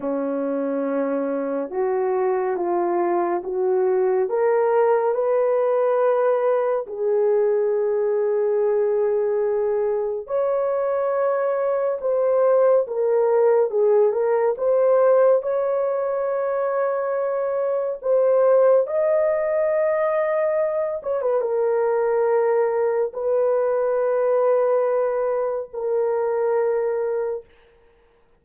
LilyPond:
\new Staff \with { instrumentName = "horn" } { \time 4/4 \tempo 4 = 70 cis'2 fis'4 f'4 | fis'4 ais'4 b'2 | gis'1 | cis''2 c''4 ais'4 |
gis'8 ais'8 c''4 cis''2~ | cis''4 c''4 dis''2~ | dis''8 cis''16 b'16 ais'2 b'4~ | b'2 ais'2 | }